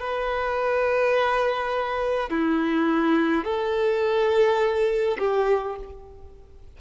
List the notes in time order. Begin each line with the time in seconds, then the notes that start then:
0.00 B4
2.30 E4
3.45 A4
5.19 G4